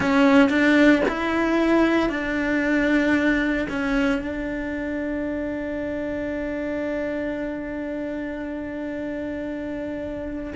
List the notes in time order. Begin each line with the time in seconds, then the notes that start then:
0.00 C#4
0.49 D4
1.08 E4
2.09 D4
3.68 C#4
4.21 D4